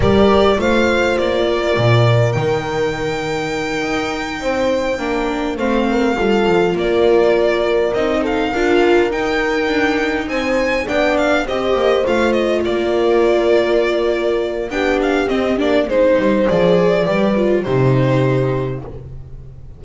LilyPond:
<<
  \new Staff \with { instrumentName = "violin" } { \time 4/4 \tempo 4 = 102 d''4 f''4 d''2 | g''1~ | g''4. f''2 d''8~ | d''4. dis''8 f''4. g''8~ |
g''4. gis''4 g''8 f''8 dis''8~ | dis''8 f''8 dis''8 d''2~ d''8~ | d''4 g''8 f''8 dis''8 d''8 c''4 | d''2 c''2 | }
  \new Staff \with { instrumentName = "horn" } { \time 4/4 ais'4 c''4. ais'4.~ | ais'2.~ ais'8 c''8~ | c''8 ais'4 c''8 ais'8 a'4 ais'8~ | ais'2 a'8 ais'4.~ |
ais'4. c''4 d''4 c''8~ | c''4. ais'2~ ais'8~ | ais'4 g'2 c''4~ | c''4 b'4 g'2 | }
  \new Staff \with { instrumentName = "viola" } { \time 4/4 g'4 f'2. | dis'1~ | dis'8 d'4 c'4 f'4.~ | f'4. dis'4 f'4 dis'8~ |
dis'2~ dis'8 d'4 g'8~ | g'8 f'2.~ f'8~ | f'4 d'4 c'8 d'8 dis'4 | gis'4 g'8 f'8 dis'2 | }
  \new Staff \with { instrumentName = "double bass" } { \time 4/4 g4 a4 ais4 ais,4 | dis2~ dis8 dis'4 c'8~ | c'8 ais4 a4 g8 f8 ais8~ | ais4. c'4 d'4 dis'8~ |
dis'8 d'4 c'4 b4 c'8 | ais8 a4 ais2~ ais8~ | ais4 b4 c'8 ais8 gis8 g8 | f4 g4 c2 | }
>>